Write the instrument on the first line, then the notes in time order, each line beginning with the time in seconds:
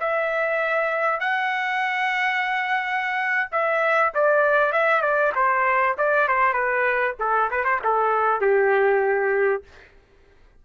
trumpet
0.00 E5
1.20 F#5
3.51 E5
4.14 D5
4.72 E5
5.02 D5
5.35 C5
5.98 D5
6.28 C5
6.53 B4
7.19 A4
7.51 B4
7.65 C5
7.84 A4
8.41 G4